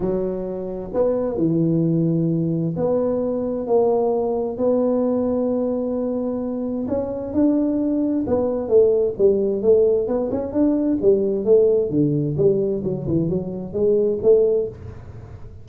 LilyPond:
\new Staff \with { instrumentName = "tuba" } { \time 4/4 \tempo 4 = 131 fis2 b4 e4~ | e2 b2 | ais2 b2~ | b2. cis'4 |
d'2 b4 a4 | g4 a4 b8 cis'8 d'4 | g4 a4 d4 g4 | fis8 e8 fis4 gis4 a4 | }